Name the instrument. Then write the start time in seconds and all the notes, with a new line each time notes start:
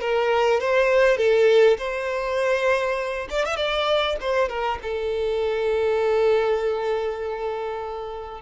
violin
0.00 A#4
0.60 C5
1.17 A4
1.78 C5
3.30 D5
3.45 E5
3.56 D5
4.21 C5
4.48 A#4
4.82 A4